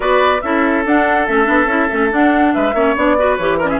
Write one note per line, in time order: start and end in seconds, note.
0.00 0.40 B3
0.00 0.39 F#4
0.00 0.41 B4
0.00 0.41 D5
0.41 0.85 C#4
0.41 0.86 E4
0.41 2.54 A4
0.41 0.84 E5
0.85 1.28 D4
0.85 1.26 F#5
1.26 1.48 A3
1.26 1.44 C#4
1.26 2.11 E5
1.44 1.66 B3
1.44 1.65 D4
1.66 1.87 C#4
1.66 1.89 E4
1.90 2.12 A3
1.90 2.09 C#4
2.09 2.73 D4
2.09 2.54 D4
2.09 2.54 F#5
2.54 2.74 G#3
2.54 2.74 B4
2.54 2.96 E5
2.74 2.95 A#3
2.74 2.96 C#4
2.74 3.17 C#5
2.96 3.38 B3
2.96 3.17 D4
2.96 3.36 D5
3.18 3.39 F#4
3.18 3.58 B4
3.36 3.79 E3
3.36 3.61 G4
3.36 3.57 C#5
3.58 3.79 C#4
3.58 3.68 A#4
3.58 3.69 D5
3.69 3.79 G#4
3.69 3.79 E5